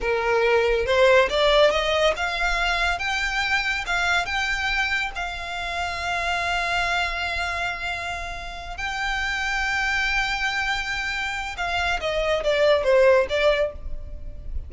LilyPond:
\new Staff \with { instrumentName = "violin" } { \time 4/4 \tempo 4 = 140 ais'2 c''4 d''4 | dis''4 f''2 g''4~ | g''4 f''4 g''2 | f''1~ |
f''1~ | f''8 g''2.~ g''8~ | g''2. f''4 | dis''4 d''4 c''4 d''4 | }